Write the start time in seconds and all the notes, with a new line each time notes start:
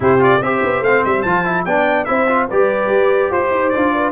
0.00 C3 E4 G4 C5
0.18 F4 D5
0.41 C4 G4 C5 E5
0.62 B3
0.81 A3 C4 F5
1.04 G3 E5
1.22 F3 F4 A5
1.45 E4
1.65 B3 D4 D5 G5
2.04 C4 E4 C5 E5
2.27 F4
2.48 G3 G4 B4 D5
2.87 G4
3.30 F4 C5
3.50 D#4
3.69 F4 D5
3.75 D4
3.94 B4